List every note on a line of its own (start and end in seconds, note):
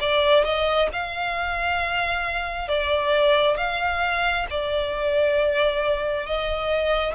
0.00 0.44 D5
0.44 0.89 D#5
0.92 2.68 F5
2.68 3.57 D5
3.57 4.46 F5
4.50 6.26 D5
6.26 7.14 D#5